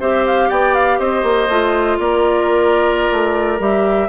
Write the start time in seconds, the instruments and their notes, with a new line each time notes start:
0.00 bassoon C4, clarinet G4, oboe C5, flute E5
0.26 flute F5
0.49 bassoon B3, oboe D5, flute G5
0.74 flute F5
0.99 bassoon C4, oboe C5, flute D#5
1.23 bassoon A#3
1.48 bassoon A3, clarinet F4
1.99 bassoon A#3, oboe A#4, flute D5
3.12 bassoon A3
3.59 bassoon G3, clarinet G4, flute E5